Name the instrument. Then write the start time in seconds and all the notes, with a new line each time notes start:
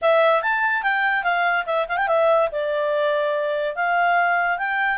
clarinet
0.01 E5
0.42 A5
0.82 G5
1.23 F5
1.66 E5
1.88 F5
1.97 G5
2.07 E5
2.51 D5
3.75 F5
4.58 G5